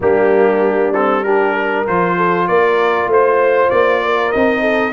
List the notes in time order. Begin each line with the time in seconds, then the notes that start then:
0.00 G3 A#3 D4 G4
0.93 C4 A4
1.23 D4 G4 A#4
1.53 A#4
1.86 F3 F4 C5
2.16 A4
2.47 A#3 A#4 D5
3.05 A3 C5
3.12 C5
3.70 A#3 D5
4.03 A#4
4.32 C4 D#4 D#5
4.60 A4